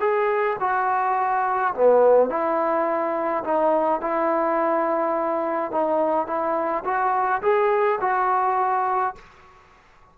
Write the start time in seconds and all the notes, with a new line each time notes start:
0.00 G#4
0.60 F#4
1.75 B3
2.30 E4
3.44 D#4
4.01 E4
5.72 D#4
6.27 E4
6.85 F#4
7.42 G#4
8.01 F#4